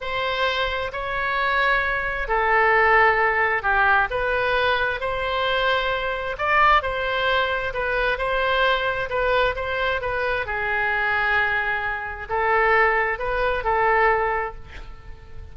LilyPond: \new Staff \with { instrumentName = "oboe" } { \time 4/4 \tempo 4 = 132 c''2 cis''2~ | cis''4 a'2. | g'4 b'2 c''4~ | c''2 d''4 c''4~ |
c''4 b'4 c''2 | b'4 c''4 b'4 gis'4~ | gis'2. a'4~ | a'4 b'4 a'2 | }